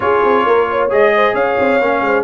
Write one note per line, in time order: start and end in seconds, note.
0.00 0.23 C#4
0.00 0.90 F4
0.00 0.46 G#4
0.00 0.89 C#5
0.23 0.46 C4
0.46 0.91 A#3
0.46 0.69 A#4
0.69 1.14 C#5
0.90 1.34 G#3
0.90 1.80 G#4
0.90 1.35 D#5
1.15 1.34 C5
1.34 1.56 C#4
1.34 2.01 C#5
1.34 2.23 F5
1.60 1.80 C4
1.80 2.01 A#3
1.80 2.23 C#4
2.01 2.23 G#3
2.01 2.23 C5